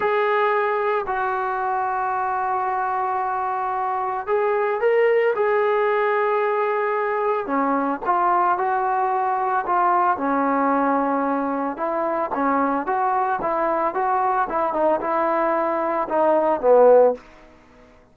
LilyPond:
\new Staff \with { instrumentName = "trombone" } { \time 4/4 \tempo 4 = 112 gis'2 fis'2~ | fis'1 | gis'4 ais'4 gis'2~ | gis'2 cis'4 f'4 |
fis'2 f'4 cis'4~ | cis'2 e'4 cis'4 | fis'4 e'4 fis'4 e'8 dis'8 | e'2 dis'4 b4 | }